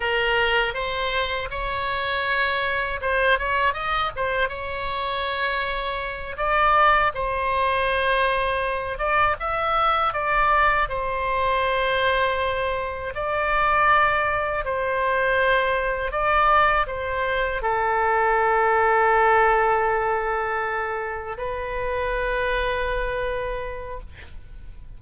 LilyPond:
\new Staff \with { instrumentName = "oboe" } { \time 4/4 \tempo 4 = 80 ais'4 c''4 cis''2 | c''8 cis''8 dis''8 c''8 cis''2~ | cis''8 d''4 c''2~ c''8 | d''8 e''4 d''4 c''4.~ |
c''4. d''2 c''8~ | c''4. d''4 c''4 a'8~ | a'1~ | a'8 b'2.~ b'8 | }